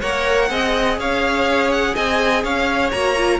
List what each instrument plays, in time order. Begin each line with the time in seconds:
0.00 cello A#3, viola A#4, violin C#5 F#5
0.49 cello C4, viola G#4, violin D#5
0.98 cello C#4, violin C#5 F5
1.71 violin F#5
1.95 cello C4, violin D#5 G#5
2.44 cello C#4, violin C#5 F5
2.91 cello A#3, viola F#4, violin A#5
3.17 viola F4